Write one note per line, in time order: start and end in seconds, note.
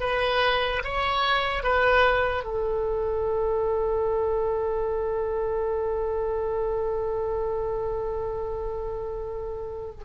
0.00 0.82 B4
0.84 1.63 C#5
1.63 2.44 B4
2.44 10.04 A4